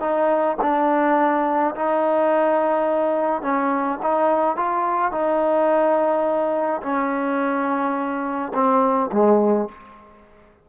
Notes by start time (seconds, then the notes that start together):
0.00 D#4
0.61 D4
1.75 D#4
3.42 C#4
4.02 D#4
4.56 F4
5.11 D#4
6.83 C#4
8.54 C4
9.12 G#3